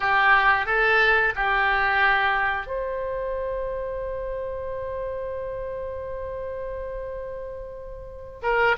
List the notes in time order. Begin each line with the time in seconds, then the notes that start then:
0.00 G4
0.66 A4
1.35 G4
2.66 C5
8.42 A#4